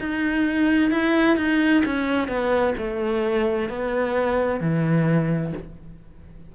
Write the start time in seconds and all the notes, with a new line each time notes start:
0.00 D#4
0.91 E4
1.37 D#4
1.85 C#4
2.28 B3
2.78 A3
3.69 B3
4.60 E3